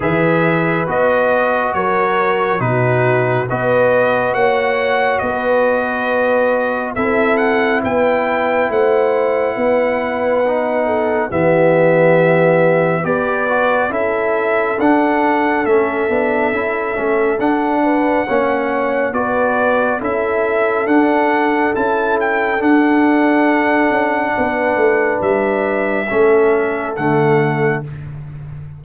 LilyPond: <<
  \new Staff \with { instrumentName = "trumpet" } { \time 4/4 \tempo 4 = 69 e''4 dis''4 cis''4 b'4 | dis''4 fis''4 dis''2 | e''8 fis''8 g''4 fis''2~ | fis''4 e''2 d''4 |
e''4 fis''4 e''2 | fis''2 d''4 e''4 | fis''4 a''8 g''8 fis''2~ | fis''4 e''2 fis''4 | }
  \new Staff \with { instrumentName = "horn" } { \time 4/4 b'2 ais'4 fis'4 | b'4 cis''4 b'2 | a'4 b'4 c''4 b'4~ | b'8 a'8 g'2 b'4 |
a'1~ | a'8 b'8 cis''4 b'4 a'4~ | a'1 | b'2 a'2 | }
  \new Staff \with { instrumentName = "trombone" } { \time 4/4 gis'4 fis'2 dis'4 | fis'1 | e'1 | dis'4 b2 g'8 fis'8 |
e'4 d'4 cis'8 d'8 e'8 cis'8 | d'4 cis'4 fis'4 e'4 | d'4 e'4 d'2~ | d'2 cis'4 a4 | }
  \new Staff \with { instrumentName = "tuba" } { \time 4/4 e4 b4 fis4 b,4 | b4 ais4 b2 | c'4 b4 a4 b4~ | b4 e2 b4 |
cis'4 d'4 a8 b8 cis'8 a8 | d'4 ais4 b4 cis'4 | d'4 cis'4 d'4. cis'8 | b8 a8 g4 a4 d4 | }
>>